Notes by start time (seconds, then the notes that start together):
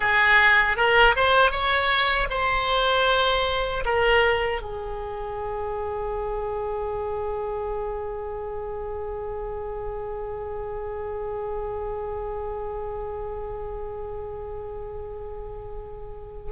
0.00 G#4
0.76 A#4
1.15 C5
1.51 C#5
2.30 C5
3.85 A#4
4.62 G#4